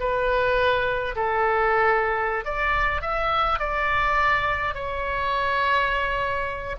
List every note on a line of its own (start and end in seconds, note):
0.00 1.15 B4
1.16 2.45 A4
2.45 3.02 D5
3.02 3.60 E5
3.60 4.74 D5
4.74 6.76 C#5